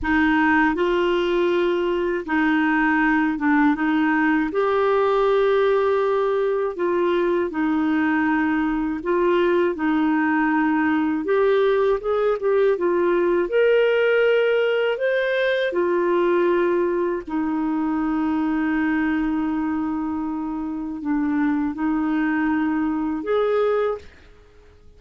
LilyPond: \new Staff \with { instrumentName = "clarinet" } { \time 4/4 \tempo 4 = 80 dis'4 f'2 dis'4~ | dis'8 d'8 dis'4 g'2~ | g'4 f'4 dis'2 | f'4 dis'2 g'4 |
gis'8 g'8 f'4 ais'2 | c''4 f'2 dis'4~ | dis'1 | d'4 dis'2 gis'4 | }